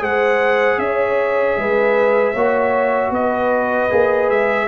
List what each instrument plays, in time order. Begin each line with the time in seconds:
0.00 tuba G#3, trombone G#4, horn C5, trumpet F#5
0.78 tuba C#4, horn C#5, trumpet E5
1.57 tuba G#3, horn B4
2.33 tuba A#3, trombone F#4, horn C#5
3.10 tuba B3, horn B4, trumpet D#5
3.90 tuba A#3, trombone G#4
4.30 tuba G#3, trumpet E5